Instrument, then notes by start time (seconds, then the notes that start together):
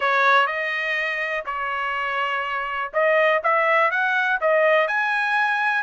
trumpet
0.00 C#5
0.46 D#5
1.45 C#5
2.93 D#5
3.43 E5
3.90 F#5
4.40 D#5
4.87 G#5